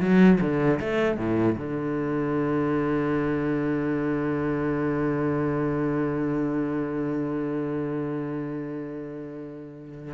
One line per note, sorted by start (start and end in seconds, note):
0.00 0.39 F#3
0.40 0.79 D3
0.79 1.17 A3
1.17 1.56 A2
1.57 10.14 D3